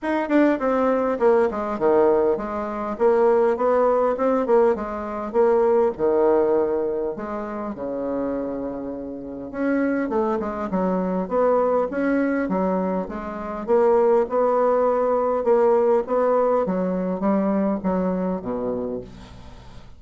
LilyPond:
\new Staff \with { instrumentName = "bassoon" } { \time 4/4 \tempo 4 = 101 dis'8 d'8 c'4 ais8 gis8 dis4 | gis4 ais4 b4 c'8 ais8 | gis4 ais4 dis2 | gis4 cis2. |
cis'4 a8 gis8 fis4 b4 | cis'4 fis4 gis4 ais4 | b2 ais4 b4 | fis4 g4 fis4 b,4 | }